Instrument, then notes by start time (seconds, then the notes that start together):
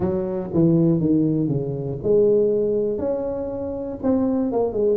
tuba
0.00 F#3
0.53 E3
1.00 D#3
1.47 C#3
2.02 G#3
2.98 C#4
4.02 C4
4.52 A#3
4.72 G#3